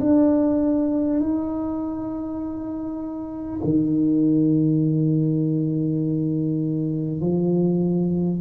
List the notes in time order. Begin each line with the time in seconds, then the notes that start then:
0.00 D4
1.21 D#4
3.64 D#3
7.21 F3